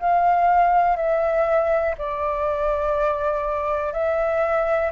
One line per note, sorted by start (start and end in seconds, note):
0.00 0.97 F5
0.97 1.95 E5
1.98 3.93 D5
3.93 4.91 E5